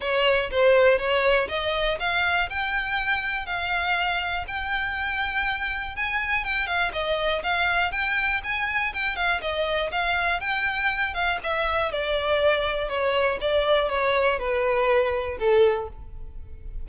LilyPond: \new Staff \with { instrumentName = "violin" } { \time 4/4 \tempo 4 = 121 cis''4 c''4 cis''4 dis''4 | f''4 g''2 f''4~ | f''4 g''2. | gis''4 g''8 f''8 dis''4 f''4 |
g''4 gis''4 g''8 f''8 dis''4 | f''4 g''4. f''8 e''4 | d''2 cis''4 d''4 | cis''4 b'2 a'4 | }